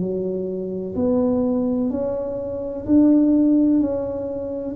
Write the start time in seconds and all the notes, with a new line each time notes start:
0.00 F#3
0.96 B3
1.90 C#4
2.86 D4
3.81 C#4